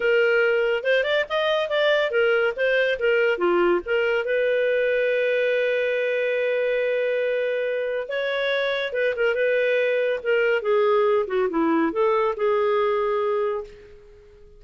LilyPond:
\new Staff \with { instrumentName = "clarinet" } { \time 4/4 \tempo 4 = 141 ais'2 c''8 d''8 dis''4 | d''4 ais'4 c''4 ais'4 | f'4 ais'4 b'2~ | b'1~ |
b'2. cis''4~ | cis''4 b'8 ais'8 b'2 | ais'4 gis'4. fis'8 e'4 | a'4 gis'2. | }